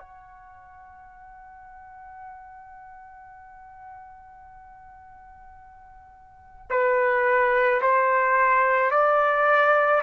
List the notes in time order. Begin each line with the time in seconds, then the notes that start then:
0.00 F#5
6.70 B4
7.82 C5
8.91 D5